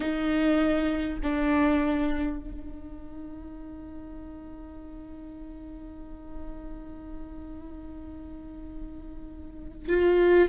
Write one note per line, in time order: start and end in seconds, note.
0.00 1.19 D#4
1.23 2.39 D4
2.39 9.88 D#4
9.88 10.48 F4